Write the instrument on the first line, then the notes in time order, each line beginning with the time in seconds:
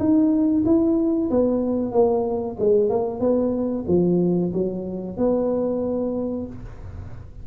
tuba
0.00 D#4
0.66 E4
1.31 B3
1.92 A#3
2.60 G#3
2.90 A#3
3.21 B3
3.88 F3
4.54 F#3
5.18 B3